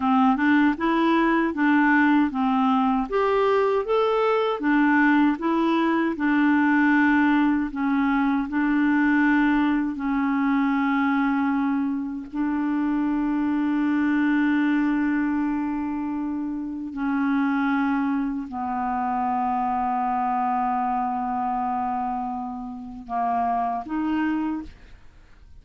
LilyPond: \new Staff \with { instrumentName = "clarinet" } { \time 4/4 \tempo 4 = 78 c'8 d'8 e'4 d'4 c'4 | g'4 a'4 d'4 e'4 | d'2 cis'4 d'4~ | d'4 cis'2. |
d'1~ | d'2 cis'2 | b1~ | b2 ais4 dis'4 | }